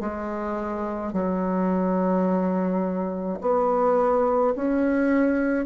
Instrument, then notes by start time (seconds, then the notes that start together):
bassoon
0.00 G#3
1.13 F#3
3.41 B3
4.55 C#4